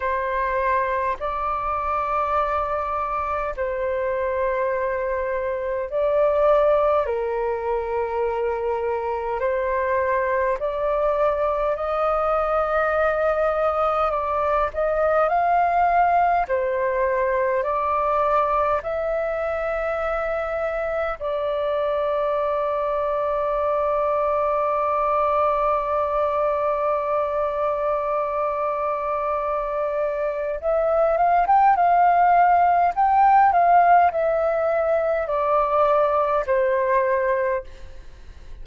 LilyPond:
\new Staff \with { instrumentName = "flute" } { \time 4/4 \tempo 4 = 51 c''4 d''2 c''4~ | c''4 d''4 ais'2 | c''4 d''4 dis''2 | d''8 dis''8 f''4 c''4 d''4 |
e''2 d''2~ | d''1~ | d''2 e''8 f''16 g''16 f''4 | g''8 f''8 e''4 d''4 c''4 | }